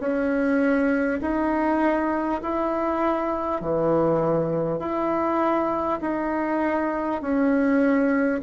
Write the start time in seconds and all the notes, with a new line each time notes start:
0.00 C#4
1.21 D#4
2.42 E4
3.61 E3
4.79 E4
6.01 D#4
7.21 C#4